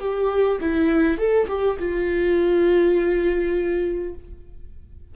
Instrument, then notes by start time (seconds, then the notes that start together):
viola
0.00 G4
0.61 E4
1.18 A4
1.48 G4
1.79 F4